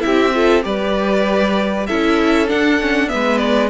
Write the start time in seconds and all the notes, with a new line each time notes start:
0.00 C4 E4 G4 E5
0.34 F4 A4
0.62 G3 G4 B4 D5
1.86 C#4 E4 A4 E5
2.48 D4 F#5
2.80 C#4
3.07 B3 E5
3.13 G#3 B4
3.37 D5